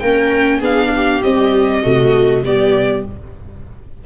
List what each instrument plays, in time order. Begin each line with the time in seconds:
0.00 tuba A#3, viola C#4 A#4, violin G5
0.59 tuba B3, viola D4 G#4, violin F5
0.96 viola G4
1.23 viola G3, tuba C4, violin D#5
1.83 tuba C3, viola A3 F#4
2.43 tuba G3, viola B3 G4, violin D5